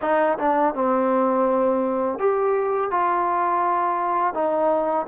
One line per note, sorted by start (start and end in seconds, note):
0.01 0.37 D#4
0.38 0.74 D4
0.74 2.19 C4
2.19 2.90 G4
2.90 4.34 F4
4.34 5.06 D#4